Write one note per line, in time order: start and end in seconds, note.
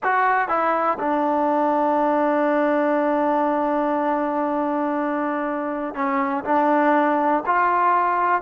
0.03 0.48 F#4
0.48 0.97 E4
0.99 5.94 D4
5.94 6.44 C#4
6.44 7.43 D4
7.46 8.41 F4